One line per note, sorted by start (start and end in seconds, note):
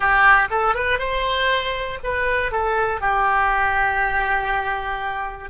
0.00 0.48 G4
0.50 0.74 A4
0.74 0.98 B4
0.98 1.98 C5
2.03 2.51 B4
2.51 3.00 A4
3.00 5.50 G4